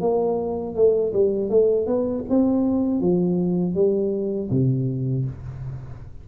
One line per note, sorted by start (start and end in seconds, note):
0.00 0.75 A#3
0.75 1.12 A3
1.12 1.49 G3
1.49 1.86 A3
1.86 2.24 B3
2.29 3.00 C4
3.00 3.74 F3
3.74 4.49 G3
4.50 5.25 C3